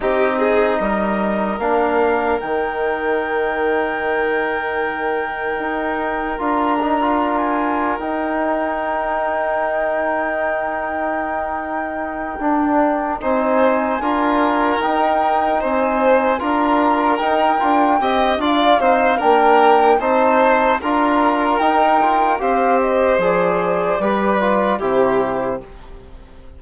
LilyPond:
<<
  \new Staff \with { instrumentName = "flute" } { \time 4/4 \tempo 4 = 75 dis''2 f''4 g''4~ | g''1 | ais''4~ ais''16 gis''8. g''2~ | g''1~ |
g''8 gis''2 g''4 gis''8~ | gis''8 ais''4 g''4. f''4 | g''4 a''4 ais''4 g''4 | f''8 dis''8 d''2 c''4 | }
  \new Staff \with { instrumentName = "violin" } { \time 4/4 g'8 gis'8 ais'2.~ | ais'1~ | ais'1~ | ais'1~ |
ais'8 c''4 ais'2 c''8~ | c''8 ais'2 dis''8 d''8 c''8 | ais'4 c''4 ais'2 | c''2 b'4 g'4 | }
  \new Staff \with { instrumentName = "trombone" } { \time 4/4 dis'2 d'4 dis'4~ | dis'1 | f'8 dis'16 f'4~ f'16 dis'2~ | dis'2.~ dis'8 d'8~ |
d'8 dis'4 f'4 dis'4.~ | dis'8 f'4 dis'8 f'8 g'8 f'8 dis'8 | d'4 dis'4 f'4 dis'8 f'8 | g'4 gis'4 g'8 f'8 e'4 | }
  \new Staff \with { instrumentName = "bassoon" } { \time 4/4 c'4 g4 ais4 dis4~ | dis2. dis'4 | d'2 dis'2~ | dis'2.~ dis'8 d'8~ |
d'8 c'4 d'4 dis'4 c'8~ | c'8 d'4 dis'8 d'8 c'8 d'8 c'8 | ais4 c'4 d'4 dis'4 | c'4 f4 g4 c4 | }
>>